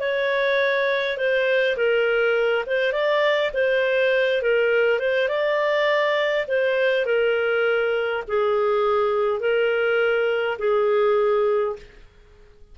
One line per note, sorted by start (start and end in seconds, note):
0.00 1.18 C#5
1.18 1.77 C5
1.77 2.65 A#4
2.67 2.93 C5
2.93 3.52 D5
3.54 4.42 C5
4.42 4.99 A#4
4.99 5.29 C5
5.29 6.46 D5
6.48 7.06 C5
7.06 8.24 A#4
8.28 9.40 G#4
9.40 10.58 A#4
10.59 11.76 G#4